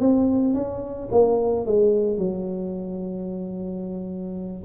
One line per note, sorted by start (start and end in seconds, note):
0.00 0.54 C4
0.54 1.09 C#4
1.11 1.66 A#3
1.66 2.18 G#3
2.18 4.63 F#3